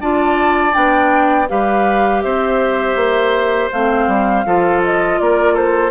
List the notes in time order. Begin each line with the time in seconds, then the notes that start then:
0.00 D4 F4 D5 A5
0.72 B3 D4 G5
1.48 G3 G4 B4 F5
2.22 C4 C5 E5
2.95 A#3
3.72 A3 C4 F5
4.07 G3
4.45 F3 F4 A4
4.83 D#5
5.19 A#3 A#4 D5
5.53 A4 C5